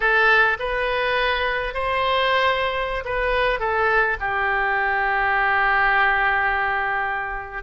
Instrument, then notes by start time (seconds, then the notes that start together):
oboe
0.00 A4
0.59 B4
1.74 C5
3.04 B4
3.59 A4
4.20 G4